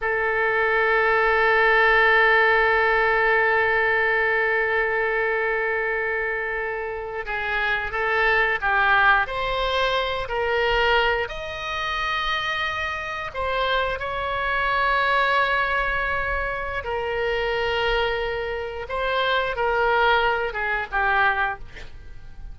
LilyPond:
\new Staff \with { instrumentName = "oboe" } { \time 4/4 \tempo 4 = 89 a'1~ | a'1~ | a'2~ a'8. gis'4 a'16~ | a'8. g'4 c''4. ais'8.~ |
ais'8. dis''2. c''16~ | c''8. cis''2.~ cis''16~ | cis''4 ais'2. | c''4 ais'4. gis'8 g'4 | }